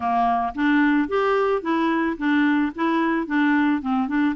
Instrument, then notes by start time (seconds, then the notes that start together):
clarinet
0.00 A#3
0.54 D4
1.08 G4
1.62 E4
2.17 D4
2.75 E4
3.27 D4
3.81 C4
4.08 D4